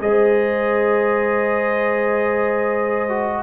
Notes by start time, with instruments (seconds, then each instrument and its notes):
0.00 tuba G#3, trombone G#4, horn C5, trumpet D#5
3.08 trombone F#4